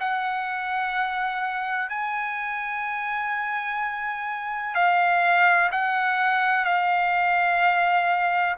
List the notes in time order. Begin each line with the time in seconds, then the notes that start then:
0.00 F#5
1.90 G#5
4.75 F5
5.72 F#5
6.65 F5